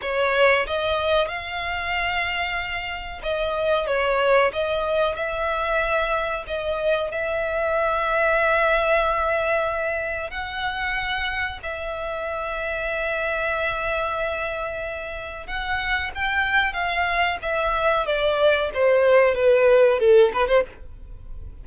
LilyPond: \new Staff \with { instrumentName = "violin" } { \time 4/4 \tempo 4 = 93 cis''4 dis''4 f''2~ | f''4 dis''4 cis''4 dis''4 | e''2 dis''4 e''4~ | e''1 |
fis''2 e''2~ | e''1 | fis''4 g''4 f''4 e''4 | d''4 c''4 b'4 a'8 b'16 c''16 | }